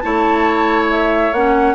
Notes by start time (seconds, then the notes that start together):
0.00 A3 E4 C#5 A5
0.90 E5
1.32 A#3 C#4 F#5